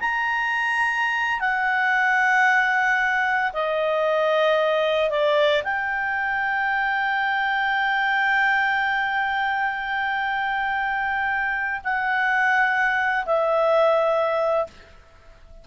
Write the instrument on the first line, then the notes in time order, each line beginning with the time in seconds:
clarinet
0.00 A#5
1.40 F#5
3.53 D#5
5.10 D5
5.63 G5
11.84 F#5
13.25 E5